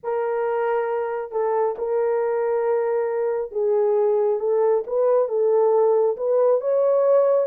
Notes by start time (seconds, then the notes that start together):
0.03 A#4
1.31 A4
1.78 A#4
3.51 G#4
4.39 A4
4.86 B4
5.28 A4
6.16 B4
6.61 C#5